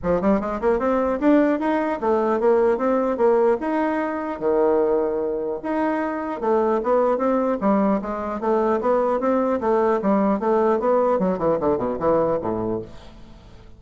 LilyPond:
\new Staff \with { instrumentName = "bassoon" } { \time 4/4 \tempo 4 = 150 f8 g8 gis8 ais8 c'4 d'4 | dis'4 a4 ais4 c'4 | ais4 dis'2 dis4~ | dis2 dis'2 |
a4 b4 c'4 g4 | gis4 a4 b4 c'4 | a4 g4 a4 b4 | fis8 e8 d8 b,8 e4 a,4 | }